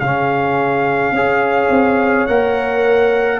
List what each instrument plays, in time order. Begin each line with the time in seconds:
0.00 tuba C#3, trombone C#4, horn G#4, trumpet F5
1.12 tuba C#4, trombone G#4, horn C#5
1.70 tuba C4
2.27 tuba A#3, trombone A#4, trumpet F#5